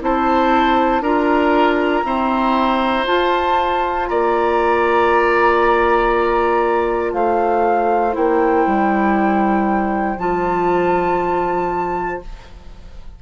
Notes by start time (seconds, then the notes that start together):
0.00 C4 E4 C5 A5
1.01 D4 F4 A#4 A#5
2.04 C4 E4 C5
3.04 F4 A5
4.08 A#3 D5 A#5
7.13 A3 C5 F5
8.12 A#3 E4 G5
8.66 G3
10.17 F3 F4 A5